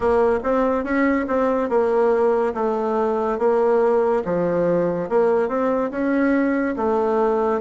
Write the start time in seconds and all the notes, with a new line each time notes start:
0.00 A#3
0.43 C4
0.83 C#4
1.27 C4
1.69 A#3
2.54 A3
3.38 A#3
4.24 F3
5.09 A#3
5.48 C4
5.90 C#4
6.76 A3